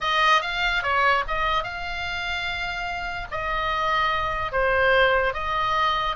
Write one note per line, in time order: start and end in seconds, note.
0.01 0.41 D#5
0.41 0.82 F5
0.82 1.23 C#5
1.27 1.63 D#5
1.63 3.27 F5
3.31 4.52 D#5
4.52 5.33 C5
5.33 6.16 D#5